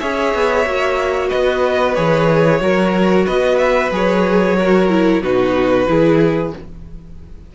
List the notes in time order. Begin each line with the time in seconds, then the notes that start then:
0.00 C#4 G#4 C#5 E5
0.35 B3
0.66 A#3 F#4
1.29 B3 B4 D#5
1.95 E3 G#4 C#5
2.60 F#3 F#4 A#4
3.26 B3 B4 D#5
3.59 E5
3.91 F#3 G#4 C#5
4.57 F#4 A#4
4.90 E4
5.22 B2 D#4 F#4 B4
5.88 E3 E4 G#4